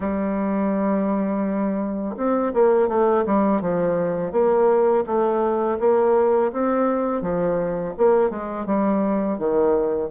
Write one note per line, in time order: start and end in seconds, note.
0.00 2.15 G3
2.16 2.52 C4
2.53 2.88 A#3
2.88 3.24 A3
3.26 3.61 G3
3.61 4.32 F3
4.32 5.04 A#3
5.06 5.78 A3
5.79 6.52 A#3
6.52 7.21 C4
7.21 7.94 F3
7.97 8.29 A#3
8.29 8.65 G#3
8.65 9.38 G3
9.38 10.10 D#3